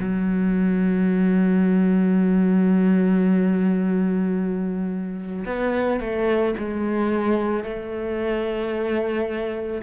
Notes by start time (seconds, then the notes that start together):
0.00 F#3
5.46 B3
6.00 A3
6.59 G#3
7.64 A3